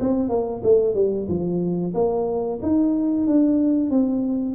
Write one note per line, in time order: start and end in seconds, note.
0.00 0.29 C4
0.29 0.61 A#3
0.63 0.95 A3
0.95 1.27 G3
1.28 1.93 F3
1.94 2.59 A#3
2.62 3.27 D#4
3.27 3.90 D4
3.90 4.55 C4